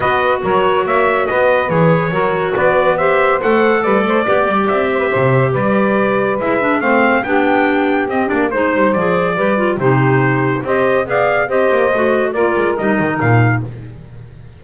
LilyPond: <<
  \new Staff \with { instrumentName = "trumpet" } { \time 4/4 \tempo 4 = 141 dis''4 cis''4 e''4 dis''4 | cis''2 d''4 e''4 | fis''4 d''2 e''4~ | e''4 d''2 e''4 |
f''4 g''2 dis''8 d''8 | c''4 d''2 c''4~ | c''4 dis''4 f''4 dis''4~ | dis''4 d''4 dis''4 f''4 | }
  \new Staff \with { instrumentName = "saxophone" } { \time 4/4 b'4 ais'4 cis''4 b'4~ | b'4 ais'4 b'4 c''4~ | c''4 b'8 c''8 d''4. c''16 b'16 | c''4 b'2. |
c''4 g'2. | c''2 b'4 g'4~ | g'4 c''4 d''4 c''4~ | c''4 ais'2. | }
  \new Staff \with { instrumentName = "clarinet" } { \time 4/4 fis'1 | gis'4 fis'2 g'4 | a'2 g'2~ | g'2. e'8 d'8 |
c'4 d'2 c'8 d'8 | dis'4 gis'4 g'8 f'8 dis'4~ | dis'4 g'4 gis'4 g'4 | fis'4 f'4 dis'2 | }
  \new Staff \with { instrumentName = "double bass" } { \time 4/4 b4 fis4 ais4 b4 | e4 fis4 b2 | a4 g8 a8 b8 g8 c'4 | c4 g2 gis4 |
a4 b2 c'8 ais8 | gis8 g8 f4 g4 c4~ | c4 c'4 b4 c'8 ais8 | a4 ais8 gis8 g8 dis8 ais,4 | }
>>